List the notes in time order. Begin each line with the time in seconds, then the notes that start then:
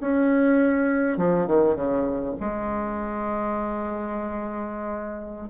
0.00 C#4
1.17 F3
1.47 D#3
1.75 C#3
2.40 G#3